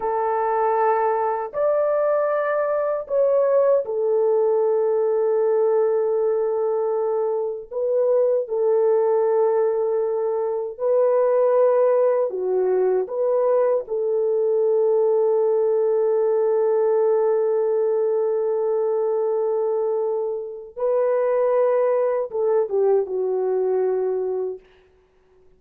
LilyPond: \new Staff \with { instrumentName = "horn" } { \time 4/4 \tempo 4 = 78 a'2 d''2 | cis''4 a'2.~ | a'2 b'4 a'4~ | a'2 b'2 |
fis'4 b'4 a'2~ | a'1~ | a'2. b'4~ | b'4 a'8 g'8 fis'2 | }